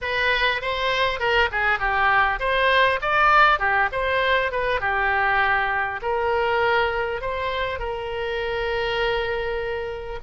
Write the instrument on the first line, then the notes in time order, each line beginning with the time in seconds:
oboe
0.01 B4
0.61 C5
1.19 A#4
1.51 G#4
1.79 G4
2.39 C5
3.01 D5
3.59 G4
3.92 C5
4.51 B4
4.80 G4
6.02 A#4
7.21 C5
7.79 A#4